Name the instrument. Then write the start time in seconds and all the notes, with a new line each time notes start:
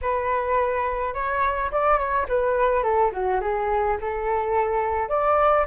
flute
0.01 B4
1.14 C#5
1.71 D5
1.98 C#5
2.28 B4
2.83 A4
3.12 F#4
3.40 G#4
4.01 A4
5.08 D5